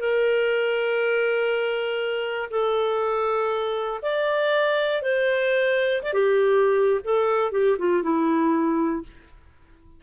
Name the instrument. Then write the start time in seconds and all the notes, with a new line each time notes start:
clarinet
0.00 A#4
2.51 A4
4.02 D5
5.02 C5
6.03 D5
6.13 G4
7.04 A4
7.52 G4
7.79 F4
8.03 E4